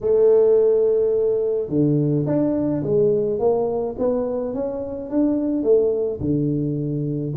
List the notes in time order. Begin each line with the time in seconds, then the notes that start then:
0.01 A3
1.69 D3
2.26 D4
2.83 G#3
3.39 A#3
3.98 B3
4.54 C#4
5.10 D4
5.63 A3
6.20 D3